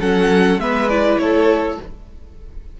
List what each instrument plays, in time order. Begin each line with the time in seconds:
0.00 cello F#3, viola C#4, violin A4 F#5
0.57 cello G#3, viola B3, violin B4 E5
0.88 viola E4, violin D5
1.18 cello A3, violin A4 C#5